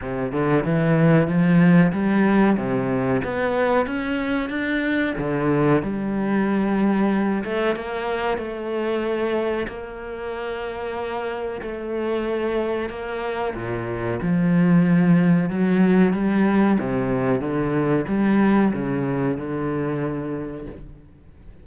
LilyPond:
\new Staff \with { instrumentName = "cello" } { \time 4/4 \tempo 4 = 93 c8 d8 e4 f4 g4 | c4 b4 cis'4 d'4 | d4 g2~ g8 a8 | ais4 a2 ais4~ |
ais2 a2 | ais4 ais,4 f2 | fis4 g4 c4 d4 | g4 cis4 d2 | }